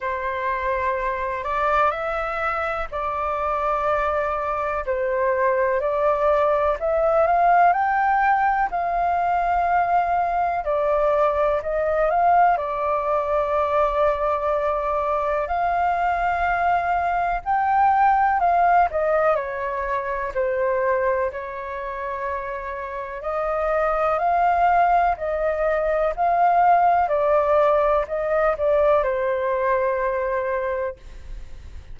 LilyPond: \new Staff \with { instrumentName = "flute" } { \time 4/4 \tempo 4 = 62 c''4. d''8 e''4 d''4~ | d''4 c''4 d''4 e''8 f''8 | g''4 f''2 d''4 | dis''8 f''8 d''2. |
f''2 g''4 f''8 dis''8 | cis''4 c''4 cis''2 | dis''4 f''4 dis''4 f''4 | d''4 dis''8 d''8 c''2 | }